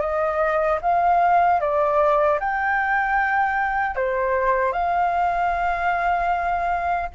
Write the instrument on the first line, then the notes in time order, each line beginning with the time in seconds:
flute
0.00 D#5
0.81 F5
1.60 D5
2.39 G5
3.95 C5
4.72 F5